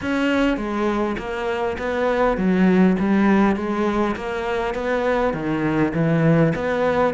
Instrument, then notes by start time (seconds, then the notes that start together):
cello
0.01 C#4
0.57 G#3
1.17 A#3
1.78 B3
2.37 F#3
2.99 G3
3.56 G#3
4.16 A#3
4.74 B3
5.33 D#3
5.94 E3
6.55 B3